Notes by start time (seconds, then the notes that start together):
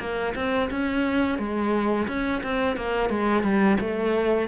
0.00 A#3
0.35 C4
0.71 C#4
1.39 G#3
2.08 C#4
2.44 C4
2.77 A#3
3.10 G#3
3.44 G3
3.81 A3